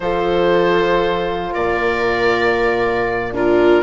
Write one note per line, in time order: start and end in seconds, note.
0.00 1.53 F3
0.00 3.32 F4
0.00 1.53 A4
0.00 1.53 C5
1.53 3.82 A#2
1.53 3.32 A#4
1.53 3.33 D5
3.32 3.82 D4
3.32 3.82 F4
3.32 3.82 A#4